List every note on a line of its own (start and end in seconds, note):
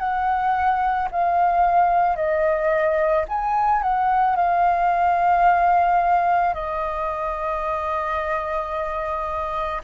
0.00 1.09 F#5
1.12 2.16 F5
2.16 3.25 D#5
3.29 3.83 G#5
3.83 4.36 F#5
4.36 6.55 F5
6.55 9.82 D#5